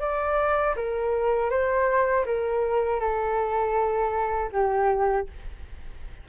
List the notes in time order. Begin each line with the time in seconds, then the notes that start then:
0.00 D5
0.76 A#4
1.50 C5
2.26 A#4
3.00 A4
4.52 G4